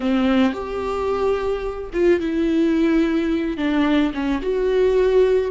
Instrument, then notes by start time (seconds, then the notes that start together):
viola
0.00 C4
0.53 G4
1.93 F4
2.20 E4
3.57 D4
4.13 C#4
4.42 F#4